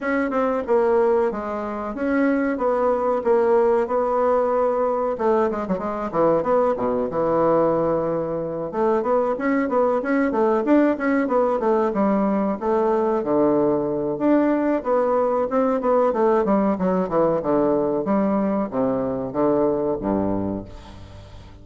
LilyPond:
\new Staff \with { instrumentName = "bassoon" } { \time 4/4 \tempo 4 = 93 cis'8 c'8 ais4 gis4 cis'4 | b4 ais4 b2 | a8 gis16 fis16 gis8 e8 b8 b,8 e4~ | e4. a8 b8 cis'8 b8 cis'8 |
a8 d'8 cis'8 b8 a8 g4 a8~ | a8 d4. d'4 b4 | c'8 b8 a8 g8 fis8 e8 d4 | g4 c4 d4 g,4 | }